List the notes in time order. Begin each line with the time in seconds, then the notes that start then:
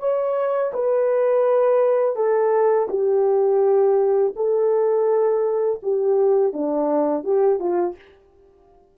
0.00 C#5
0.74 B4
2.16 A4
2.90 G4
4.36 A4
5.83 G4
6.54 D4
7.24 G4
7.60 F4